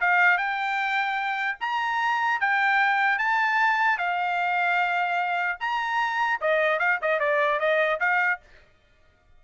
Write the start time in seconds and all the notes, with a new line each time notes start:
0.00 F5
0.37 G5
1.60 A#5
2.40 G5
3.18 A5
3.97 F5
5.59 A#5
6.41 D#5
6.79 F5
7.01 D#5
7.19 D5
7.59 D#5
7.99 F5